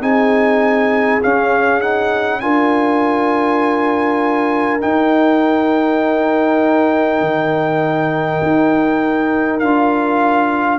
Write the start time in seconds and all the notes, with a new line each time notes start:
0.00 C4 D#4 G#4 G#5
1.22 C#4 F5
1.80 D#4 F#5
2.40 D4 F4 A#4 G#5
4.80 D#4 G5
7.20 D#3
8.42 D#4
9.59 D4 F4 F5